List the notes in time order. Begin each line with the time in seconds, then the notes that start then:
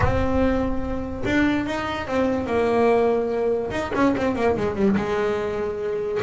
0.00 C4
1.25 D4
1.66 D#4
2.07 C4
2.46 A#3
3.70 D#4
3.94 C#4
4.16 C4
4.35 A#3
4.56 G#3
4.75 G3
4.96 G#3